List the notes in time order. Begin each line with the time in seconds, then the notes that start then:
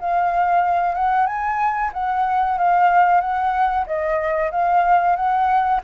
0.00 F5
0.95 F#5
1.27 G#5
1.94 F#5
2.58 F5
3.21 F#5
3.86 D#5
4.51 F5
5.16 F#5